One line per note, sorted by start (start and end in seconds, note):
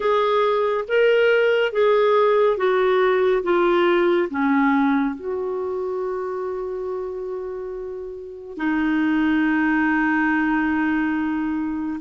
0.00 0.85 G#4
0.88 1.72 A#4
1.72 2.57 G#4
2.57 3.42 F#4
3.43 4.29 F4
4.29 5.15 C#4
5.15 8.57 F#4
8.57 12.00 D#4